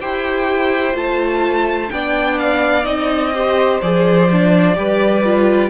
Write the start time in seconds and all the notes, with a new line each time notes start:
0.00 E4 G4 C5 G5
0.94 A3 F4 A5
1.91 B3 D4 D5 G5
2.39 F5
2.84 C4 D#4 D#5
3.34 G4 C5
3.82 F3 G#4 D5
4.32 D4
4.76 G3 G4 B4
5.25 F4